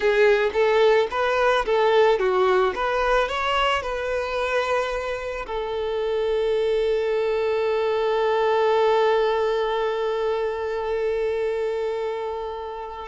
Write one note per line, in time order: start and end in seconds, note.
0.00 0.51 G#4
0.53 1.07 A4
1.11 1.65 B4
1.65 2.19 A4
2.19 2.73 F#4
2.75 3.28 B4
3.28 3.82 C#5
3.82 5.46 B4
5.46 13.08 A4